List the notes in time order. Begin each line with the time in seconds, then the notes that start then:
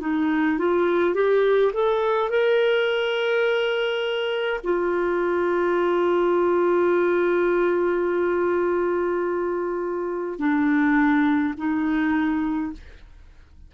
0.00 D#4
0.58 F4
1.14 G4
1.73 A4
2.29 A#4
4.63 F4
10.38 D4
11.56 D#4